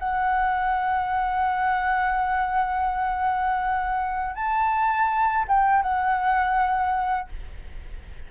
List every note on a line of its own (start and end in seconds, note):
0.00 4.36 F#5
4.36 5.46 A5
5.48 5.83 G5
5.83 7.29 F#5